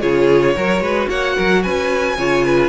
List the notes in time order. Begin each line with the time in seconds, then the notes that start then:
0.00 C#3 F4 G#4 C#5
0.56 F#3 F#4 A#4
0.80 G#3 B4
1.09 A#3 C#5 F#5
1.35 F#3 A#4
1.63 C#4 B4 G#5
2.18 C#3 F4 C#5
2.45 B4